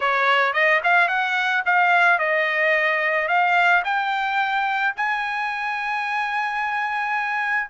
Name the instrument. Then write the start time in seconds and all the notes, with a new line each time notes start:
trumpet
0.00 C#5
0.53 D#5
0.83 F5
1.08 F#5
1.65 F5
2.18 D#5
3.28 F5
3.84 G5
4.96 G#5